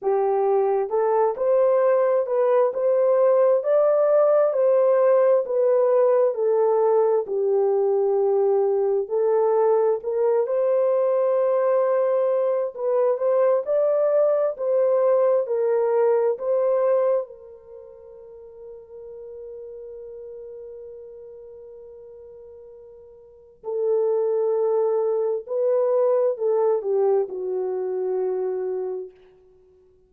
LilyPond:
\new Staff \with { instrumentName = "horn" } { \time 4/4 \tempo 4 = 66 g'4 a'8 c''4 b'8 c''4 | d''4 c''4 b'4 a'4 | g'2 a'4 ais'8 c''8~ | c''2 b'8 c''8 d''4 |
c''4 ais'4 c''4 ais'4~ | ais'1~ | ais'2 a'2 | b'4 a'8 g'8 fis'2 | }